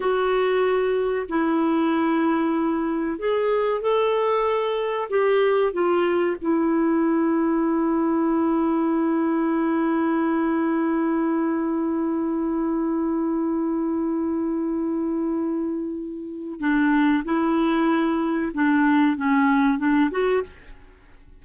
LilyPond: \new Staff \with { instrumentName = "clarinet" } { \time 4/4 \tempo 4 = 94 fis'2 e'2~ | e'4 gis'4 a'2 | g'4 f'4 e'2~ | e'1~ |
e'1~ | e'1~ | e'2 d'4 e'4~ | e'4 d'4 cis'4 d'8 fis'8 | }